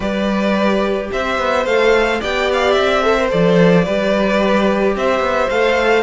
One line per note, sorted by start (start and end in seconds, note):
0.00 1.09 G3
0.00 1.64 G4
0.00 1.10 B4
0.00 1.10 D5
1.12 1.38 C4
1.12 2.20 C5
1.12 1.66 E5
1.38 1.65 B3
1.65 2.20 A3
1.65 2.21 A4
1.65 2.21 F5
2.20 2.76 B3
2.20 3.02 G4
2.20 3.03 D5
2.20 2.50 G5
2.53 2.71 F5
2.71 3.32 C4
2.71 3.26 E5
3.02 3.16 A4
3.02 3.84 C5
3.16 3.29 A#4
3.29 3.86 F3
3.29 3.84 A4
3.29 4.96 D5
3.84 4.96 G3
3.84 5.51 G4
3.84 4.94 B4
4.96 5.19 C4
4.96 6.03 C5
4.96 5.49 E5
5.19 5.47 B3
5.49 6.03 A3
5.49 6.03 A4
5.49 6.03 F5